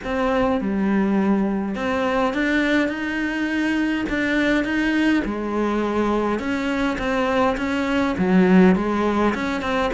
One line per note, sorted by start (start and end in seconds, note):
0.04 0.61 C4
0.61 1.75 G3
1.75 2.33 C4
2.33 2.88 D4
2.88 4.05 D#4
4.09 4.64 D4
4.64 5.22 D#4
5.25 6.39 G#3
6.39 6.97 C#4
6.98 7.56 C4
7.57 8.15 C#4
8.17 8.75 F#3
8.75 9.34 G#3
9.34 9.61 C#4
9.61 9.90 C4